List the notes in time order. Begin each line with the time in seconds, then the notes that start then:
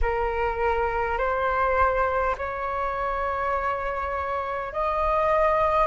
0.01 A#4
1.18 C5
2.37 C#5
4.72 D#5